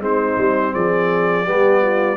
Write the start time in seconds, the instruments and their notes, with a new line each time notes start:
0.00 tuba G#3, trombone C4, horn D#4, trumpet C5
0.38 tuba G3
0.73 tuba F3, horn G#4, trumpet D5
1.44 tuba G3, trombone B3, horn G4
1.82 horn F4